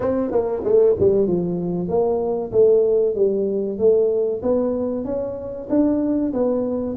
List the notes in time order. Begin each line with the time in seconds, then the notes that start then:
0.00 C4
0.31 A#3
0.64 A3
0.99 G3
1.27 F3
1.88 A#3
2.52 A3
3.15 G3
3.78 A3
4.42 B3
5.04 C#4
5.69 D4
6.33 B3